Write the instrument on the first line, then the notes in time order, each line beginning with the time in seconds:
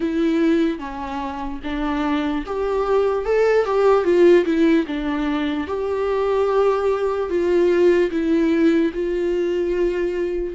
viola
0.00 E4
0.79 C#4
1.63 D4
2.45 G4
3.25 A4
3.65 G4
4.04 F4
4.45 E4
4.86 D4
5.67 G4
7.29 F4
8.10 E4
8.93 F4